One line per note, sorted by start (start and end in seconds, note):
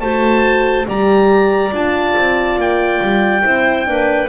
0.00 0.86 A3
0.00 0.86 F#4
0.00 0.87 C5
0.00 0.86 A5
0.86 1.72 G3
0.86 1.72 G4
0.86 3.43 D5
0.86 1.74 A#5
1.72 2.15 D4
1.72 3.42 F4
1.72 2.60 A5
2.16 2.57 C4
2.57 2.99 A#3
2.57 4.29 G5
3.01 3.44 G3
3.42 3.87 C4
3.42 3.85 E4
3.42 3.86 C5
3.85 4.29 A#3
3.85 4.28 D4
3.85 4.29 B4